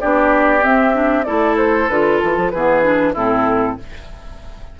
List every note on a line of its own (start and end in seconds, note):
0.00 0.64 B3
0.00 0.60 D4
0.00 1.25 G4
0.00 0.63 D5
0.60 0.92 C4
0.60 1.27 C4
0.60 1.23 E5
0.92 1.24 D4
1.23 1.89 A3
1.23 1.89 E4
1.23 2.51 A4
1.23 1.55 D5
1.57 1.88 C5
1.88 2.20 D3
1.88 2.54 F4
1.88 2.19 B4
2.19 2.36 E3
2.19 2.50 A4
2.36 2.52 F3
2.50 3.15 E3
2.50 2.82 B3
2.50 3.13 G#4
2.50 3.13 B4
2.82 3.14 D4
3.13 3.78 A2
3.13 3.78 C4
3.13 3.76 E4
3.13 3.79 A4